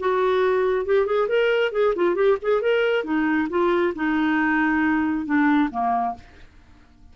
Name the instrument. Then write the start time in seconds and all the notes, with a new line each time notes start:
clarinet
0.00 F#4
0.86 G4
1.06 G#4
1.29 A#4
1.72 G#4
1.96 F4
2.16 G4
2.42 G#4
2.62 A#4
3.04 D#4
3.50 F4
3.96 D#4
5.26 D4
5.71 A#3